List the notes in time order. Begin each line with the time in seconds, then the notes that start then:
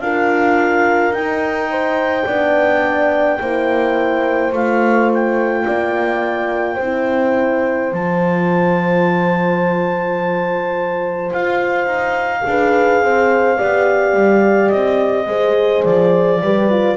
0.00 D4 F4 A#4 F5
1.11 D#4 G5
1.71 C5
2.26 B3 D4 D5
3.40 A#3 E4 C5
4.52 A3 F4 F5
5.14 G5
5.65 A#3 D5
6.75 C4 C5
6.82 E4
7.92 F3 F4 A5
11.32 F4 F5
11.86 D#4
12.44 D4 G#4 B4
13.02 C4 C5
13.58 B3 G4 D5
14.13 G3
14.70 C4 D#5
15.27 G#3 G#4 C5
15.84 F3 D5
16.42 G3 G4 B4
16.70 F4